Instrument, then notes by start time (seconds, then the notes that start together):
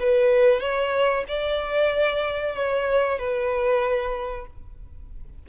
violin
0.00 B4
0.61 C#5
1.28 D5
2.56 C#5
3.19 B4